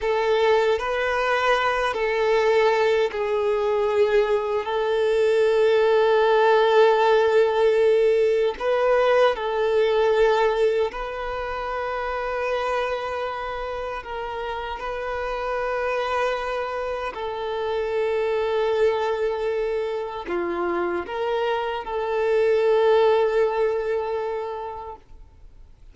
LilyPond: \new Staff \with { instrumentName = "violin" } { \time 4/4 \tempo 4 = 77 a'4 b'4. a'4. | gis'2 a'2~ | a'2. b'4 | a'2 b'2~ |
b'2 ais'4 b'4~ | b'2 a'2~ | a'2 f'4 ais'4 | a'1 | }